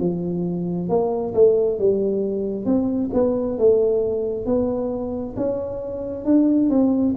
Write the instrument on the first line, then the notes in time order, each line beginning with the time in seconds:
tuba
0.00 F3
0.89 A#3
1.34 A3
1.79 G3
2.65 C4
3.13 B3
3.59 A3
4.46 B3
5.37 C#4
6.25 D4
6.70 C4